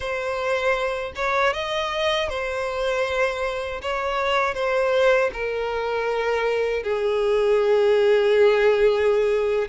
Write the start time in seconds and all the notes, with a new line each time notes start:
0.00 C5
1.15 C#5
1.53 D#5
2.29 C5
3.81 C#5
4.54 C5
5.33 A#4
6.83 G#4